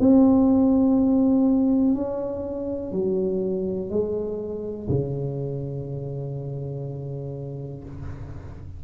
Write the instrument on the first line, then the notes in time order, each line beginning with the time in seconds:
tuba
0.00 C4
1.95 C#4
2.92 F#3
3.90 G#3
4.89 C#3